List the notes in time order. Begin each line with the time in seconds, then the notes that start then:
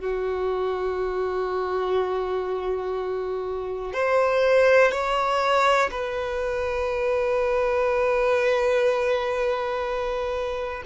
0.00 F#4
3.93 C5
4.91 C#5
5.91 B4